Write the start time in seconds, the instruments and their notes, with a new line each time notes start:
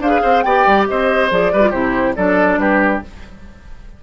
0.00 bassoon D4, clarinet G#4, oboe C5, flute F5
0.10 oboe B4
0.23 bassoon C4, oboe C5
0.42 bassoon B3, clarinet G4, oboe D5, flute G5
0.67 bassoon G3
0.89 bassoon C4, oboe C5, flute D#5
1.31 bassoon F3, clarinet G#4, flute D5
1.53 bassoon G3, clarinet G4, oboe B4
1.62 clarinet F4
1.70 bassoon C3, clarinet E4, oboe G4, flute C5
2.16 bassoon F#3, clarinet D4, oboe A4, flute D5
2.57 bassoon G3, oboe G4, flute B4